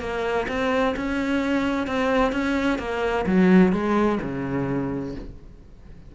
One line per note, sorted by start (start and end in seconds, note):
0.00 0.47 A#3
0.48 0.95 C4
0.96 1.87 C#4
1.87 2.32 C4
2.32 2.79 C#4
2.79 3.25 A#3
3.26 3.73 F#3
3.73 4.19 G#3
4.22 5.15 C#3